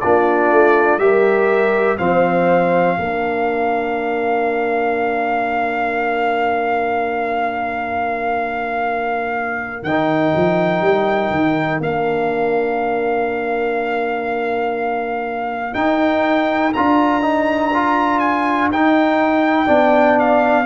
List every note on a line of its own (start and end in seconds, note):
0.00 0.50 A#3
0.00 0.99 D4
0.00 1.01 F4
0.00 0.98 D5
0.50 0.97 A3
0.97 1.95 G3
0.97 1.98 G4
0.97 1.98 A#4
0.97 1.97 E5
1.98 2.97 F3
1.98 2.97 C4
1.98 2.96 C5
1.98 9.83 F5
2.97 9.83 A#3
2.97 9.86 D4
2.97 19.65 A#4
9.83 10.32 D#3
9.83 11.81 D#4
9.83 11.80 G5
10.35 10.80 F3
10.80 11.30 G3
11.30 11.79 D#3
11.80 15.73 A#3
11.80 15.73 D4
11.80 15.74 F5
15.73 16.72 D#4
15.73 16.73 D#4
15.73 16.72 G5
16.73 18.69 D4
16.73 17.21 F4
16.73 18.19 A#5
17.21 17.70 D#4
17.74 18.72 F4
18.19 18.68 G#5
18.69 19.67 D#4
18.69 19.66 D#4
18.69 20.19 G5
19.65 20.66 B3
19.65 20.65 D4
19.65 20.64 D5
20.19 20.66 F5